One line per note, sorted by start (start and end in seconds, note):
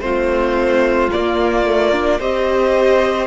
0.00 1.09 A3
0.00 1.10 C4
0.00 2.19 F4
0.00 1.09 C5
1.11 1.66 A#3
1.11 2.20 A#3
1.11 2.20 D5
1.66 1.92 A3
1.92 2.19 D4
2.19 3.26 C4
2.19 3.26 G4
2.19 3.26 C5
2.19 3.26 D#5